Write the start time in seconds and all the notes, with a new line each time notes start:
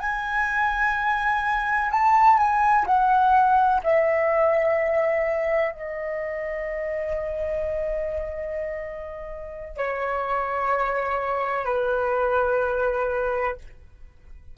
0.00 G#5
1.91 A5
2.38 G#5
2.86 F#5
3.83 E5
5.72 D#5
9.77 C#5
11.65 B4